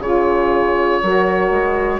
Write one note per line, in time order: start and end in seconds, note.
0.00 1.00 C#3
0.00 1.02 F4
0.00 1.01 G#4
0.00 2.00 C#5
1.02 1.51 F#3
1.02 2.00 F#4
1.02 2.00 A#4
1.51 2.00 G#3